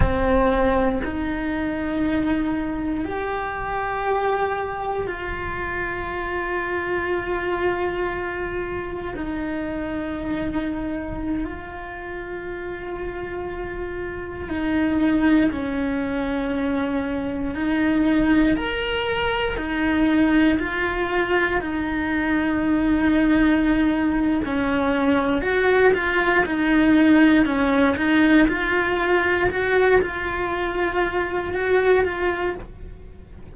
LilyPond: \new Staff \with { instrumentName = "cello" } { \time 4/4 \tempo 4 = 59 c'4 dis'2 g'4~ | g'4 f'2.~ | f'4 dis'2~ dis'16 f'8.~ | f'2~ f'16 dis'4 cis'8.~ |
cis'4~ cis'16 dis'4 ais'4 dis'8.~ | dis'16 f'4 dis'2~ dis'8. | cis'4 fis'8 f'8 dis'4 cis'8 dis'8 | f'4 fis'8 f'4. fis'8 f'8 | }